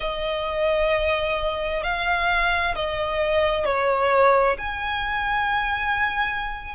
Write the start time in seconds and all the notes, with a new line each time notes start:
0.00 D#5
1.83 F5
2.75 D#5
3.65 C#5
4.58 G#5